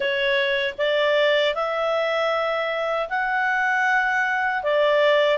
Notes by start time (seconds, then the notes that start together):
0.00 C#5
0.78 D5
1.55 E5
3.09 F#5
4.63 D5